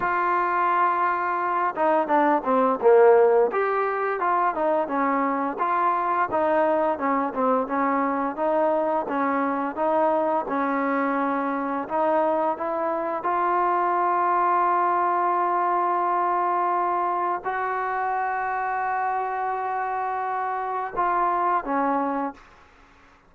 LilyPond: \new Staff \with { instrumentName = "trombone" } { \time 4/4 \tempo 4 = 86 f'2~ f'8 dis'8 d'8 c'8 | ais4 g'4 f'8 dis'8 cis'4 | f'4 dis'4 cis'8 c'8 cis'4 | dis'4 cis'4 dis'4 cis'4~ |
cis'4 dis'4 e'4 f'4~ | f'1~ | f'4 fis'2.~ | fis'2 f'4 cis'4 | }